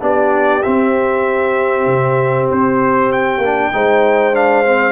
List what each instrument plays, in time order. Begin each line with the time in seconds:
0.00 tuba B3, trombone D4, horn G4, trumpet D5
0.62 trombone C4, tuba C4, trumpet E5
1.86 tuba C3
2.50 tuba C4, trumpet C5
3.12 trumpet G5
3.37 tuba A#3, trombone D4
3.72 tuba G#3, trombone D#4, horn C5
4.33 trombone D4, trumpet F5
4.65 trombone C4